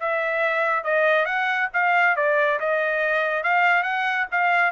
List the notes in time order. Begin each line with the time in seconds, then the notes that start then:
0.00 E5
0.84 D#5
1.26 F#5
1.73 F5
2.16 D5
2.60 D#5
3.43 F5
3.83 F#5
4.31 F5